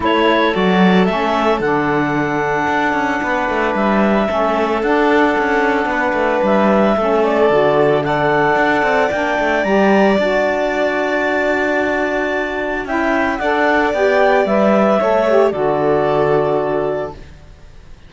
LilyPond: <<
  \new Staff \with { instrumentName = "clarinet" } { \time 4/4 \tempo 4 = 112 cis''4 d''4 e''4 fis''4~ | fis''2. e''4~ | e''4 fis''2. | e''4. d''4. fis''4~ |
fis''4 g''4 ais''4 a''4~ | a''1 | g''4 fis''4 g''4 e''4~ | e''4 d''2. | }
  \new Staff \with { instrumentName = "violin" } { \time 4/4 a'1~ | a'2 b'2 | a'2. b'4~ | b'4 a'2 d''4~ |
d''1~ | d''1 | e''4 d''2. | cis''4 a'2. | }
  \new Staff \with { instrumentName = "saxophone" } { \time 4/4 e'4 fis'4 cis'4 d'4~ | d'1 | cis'4 d'2.~ | d'4 cis'4 fis'4 a'4~ |
a'4 d'4 g'4 fis'4~ | fis'1 | e'4 a'4 g'4 b'4 | a'8 g'8 fis'2. | }
  \new Staff \with { instrumentName = "cello" } { \time 4/4 a4 fis4 a4 d4~ | d4 d'8 cis'8 b8 a8 g4 | a4 d'4 cis'4 b8 a8 | g4 a4 d2 |
d'8 c'8 ais8 a8 g4 d'4~ | d'1 | cis'4 d'4 b4 g4 | a4 d2. | }
>>